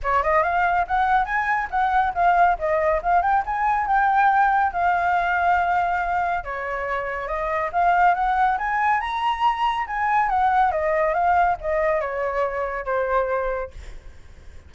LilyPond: \new Staff \with { instrumentName = "flute" } { \time 4/4 \tempo 4 = 140 cis''8 dis''8 f''4 fis''4 gis''4 | fis''4 f''4 dis''4 f''8 g''8 | gis''4 g''2 f''4~ | f''2. cis''4~ |
cis''4 dis''4 f''4 fis''4 | gis''4 ais''2 gis''4 | fis''4 dis''4 f''4 dis''4 | cis''2 c''2 | }